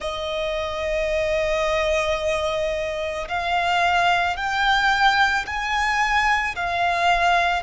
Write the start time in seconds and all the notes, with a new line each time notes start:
0.00 D#5
3.28 F5
4.36 G5
5.46 G#5
6.55 F5